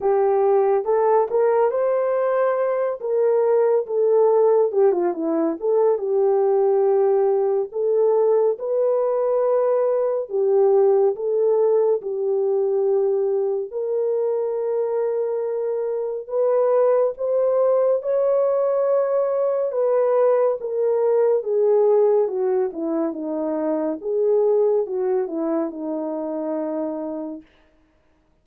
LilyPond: \new Staff \with { instrumentName = "horn" } { \time 4/4 \tempo 4 = 70 g'4 a'8 ais'8 c''4. ais'8~ | ais'8 a'4 g'16 f'16 e'8 a'8 g'4~ | g'4 a'4 b'2 | g'4 a'4 g'2 |
ais'2. b'4 | c''4 cis''2 b'4 | ais'4 gis'4 fis'8 e'8 dis'4 | gis'4 fis'8 e'8 dis'2 | }